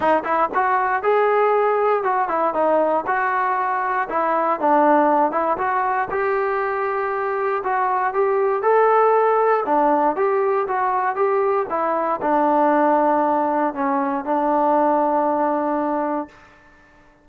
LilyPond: \new Staff \with { instrumentName = "trombone" } { \time 4/4 \tempo 4 = 118 dis'8 e'8 fis'4 gis'2 | fis'8 e'8 dis'4 fis'2 | e'4 d'4. e'8 fis'4 | g'2. fis'4 |
g'4 a'2 d'4 | g'4 fis'4 g'4 e'4 | d'2. cis'4 | d'1 | }